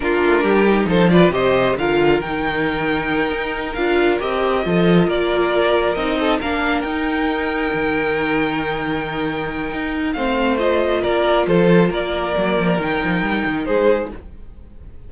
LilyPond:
<<
  \new Staff \with { instrumentName = "violin" } { \time 4/4 \tempo 4 = 136 ais'2 c''8 d''8 dis''4 | f''4 g''2.~ | g''8 f''4 dis''2 d''8~ | d''4. dis''4 f''4 g''8~ |
g''1~ | g''2. f''4 | dis''4 d''4 c''4 d''4~ | d''4 g''2 c''4 | }
  \new Staff \with { instrumentName = "violin" } { \time 4/4 f'4 g'4 a'8 b'8 c''4 | ais'1~ | ais'2~ ais'8 a'4 ais'8~ | ais'2 a'8 ais'4.~ |
ais'1~ | ais'2. c''4~ | c''4 ais'4 a'4 ais'4~ | ais'2. gis'4 | }
  \new Staff \with { instrumentName = "viola" } { \time 4/4 d'4. dis'4 f'8 g'4 | f'4 dis'2.~ | dis'8 f'4 g'4 f'4.~ | f'4. dis'4 d'4 dis'8~ |
dis'1~ | dis'2. c'4 | f'1 | ais4 dis'2. | }
  \new Staff \with { instrumentName = "cello" } { \time 4/4 ais8 a8 g4 f4 c4 | d4 dis2~ dis8 dis'8~ | dis'8 d'4 c'4 f4 ais8~ | ais4. c'4 ais4 dis'8~ |
dis'4. dis2~ dis8~ | dis2 dis'4 a4~ | a4 ais4 f4 ais4 | fis8 f8 dis8 f8 g8 dis8 gis4 | }
>>